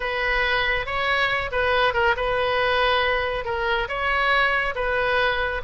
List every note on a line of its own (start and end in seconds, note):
0.00 0.85 B4
0.85 1.50 C#5
1.51 1.93 B4
1.93 2.15 A#4
2.16 3.44 B4
3.44 3.88 A#4
3.88 4.74 C#5
4.75 5.61 B4